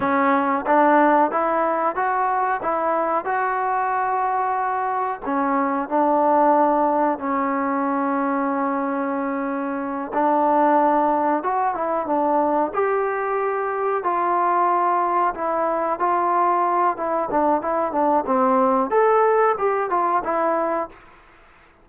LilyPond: \new Staff \with { instrumentName = "trombone" } { \time 4/4 \tempo 4 = 92 cis'4 d'4 e'4 fis'4 | e'4 fis'2. | cis'4 d'2 cis'4~ | cis'2.~ cis'8 d'8~ |
d'4. fis'8 e'8 d'4 g'8~ | g'4. f'2 e'8~ | e'8 f'4. e'8 d'8 e'8 d'8 | c'4 a'4 g'8 f'8 e'4 | }